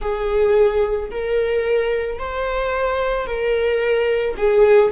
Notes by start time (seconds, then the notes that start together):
0.01 G#4
1.10 A#4
2.18 C5
3.26 A#4
4.36 G#4